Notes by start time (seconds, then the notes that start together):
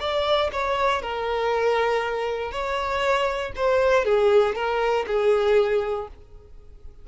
0.00 D5
0.52 C#5
1.02 A#4
2.52 C#5
3.56 C5
4.05 G#4
4.55 A#4
5.07 G#4